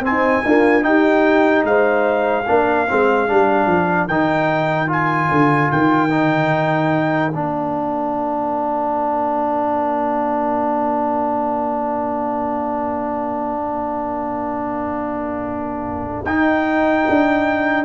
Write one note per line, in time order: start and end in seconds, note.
0.00 0.41 C4
0.00 0.44 C4
0.00 0.83 G#5
0.07 0.46 D#4
0.44 0.82 A#3
0.44 0.84 D4
0.44 0.86 F4
0.82 2.44 D#4
0.82 1.64 D#4
0.82 1.67 G4
0.82 1.65 G5
1.64 2.45 G#3
1.64 2.47 C5
1.64 4.08 F5
2.47 2.89 A#3
2.47 2.87 D4
2.47 17.84 A#4
2.89 3.30 G#3
2.89 3.28 C4
3.28 3.66 G3
3.28 4.09 D4
3.66 4.07 F3
4.07 5.28 D#3
4.07 4.87 D#4
4.07 4.89 G5
4.87 6.09 F4
4.87 5.71 G#5
5.31 5.71 D3
5.71 7.34 D#3
5.71 7.33 G5
6.10 7.32 D#4
7.33 16.25 A#3
7.33 16.26 D4
7.33 16.25 F5
16.25 17.06 D#4
16.25 17.84 D#4
16.25 17.84 G5
17.09 17.84 D4